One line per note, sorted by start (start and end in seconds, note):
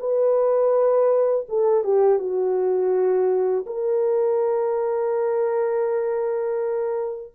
0.00 1.46 B4
1.49 1.84 A4
1.84 2.19 G4
2.19 3.66 F#4
3.67 7.32 A#4